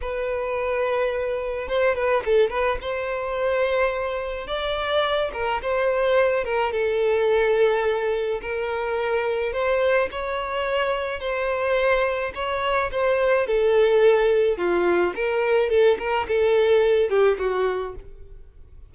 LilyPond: \new Staff \with { instrumentName = "violin" } { \time 4/4 \tempo 4 = 107 b'2. c''8 b'8 | a'8 b'8 c''2. | d''4. ais'8 c''4. ais'8 | a'2. ais'4~ |
ais'4 c''4 cis''2 | c''2 cis''4 c''4 | a'2 f'4 ais'4 | a'8 ais'8 a'4. g'8 fis'4 | }